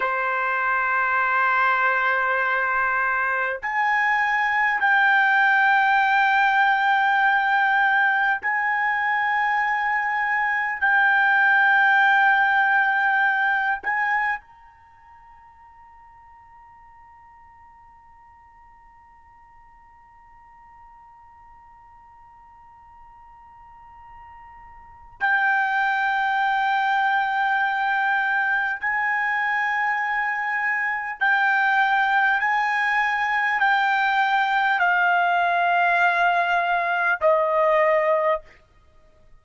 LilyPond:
\new Staff \with { instrumentName = "trumpet" } { \time 4/4 \tempo 4 = 50 c''2. gis''4 | g''2. gis''4~ | gis''4 g''2~ g''8 gis''8 | ais''1~ |
ais''1~ | ais''4 g''2. | gis''2 g''4 gis''4 | g''4 f''2 dis''4 | }